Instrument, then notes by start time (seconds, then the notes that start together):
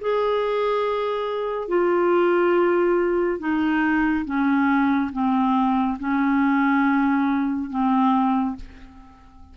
clarinet
0.00 G#4
1.68 F4
3.39 D#4
4.25 C#4
5.12 C4
5.99 C#4
7.69 C4